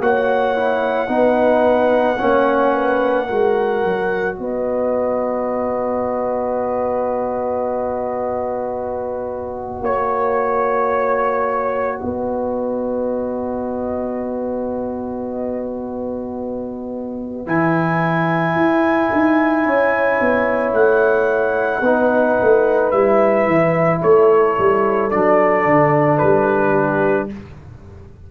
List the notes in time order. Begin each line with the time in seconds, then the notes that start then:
0.00 A#3 F#4 C#5 F#5
0.57 E4
1.08 B3 D#4 B4
2.19 A#3 C#4 C#5
2.74 B4
3.26 G#3 F#4 A#4
3.84 F#3
4.36 B3 B4 D#5
9.81 A#3 C#5
12.00 B3 B4 D#5
17.46 E3 E4 G#5
18.55 E4
19.13 D#4
19.65 C#4 C#5
20.20 B3
20.73 A3 F#5
21.80 B3 D#4 B4
22.42 A3
22.91 G3 E4 E5
23.47 E3
24.01 A3 A4 C#5
24.58 G3
25.11 F#3 D4 D5
25.66 D3
26.18 G3 B4
26.70 G4